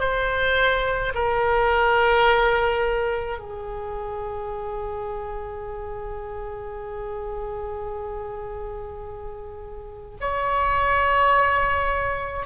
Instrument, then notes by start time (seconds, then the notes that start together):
oboe
0.00 C5
1.15 A#4
3.39 G#4
10.21 C#5